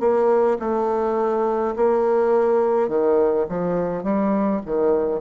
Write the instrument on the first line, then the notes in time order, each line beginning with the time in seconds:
bassoon
0.00 A#3
0.59 A3
1.76 A#3
2.88 D#3
3.48 F3
4.03 G3
4.66 D#3